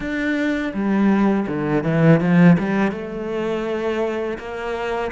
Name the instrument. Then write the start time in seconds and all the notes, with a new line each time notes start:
cello
0.00 D4
0.73 G3
1.47 D3
1.83 E3
2.20 F3
2.58 G3
2.91 A3
4.38 A#3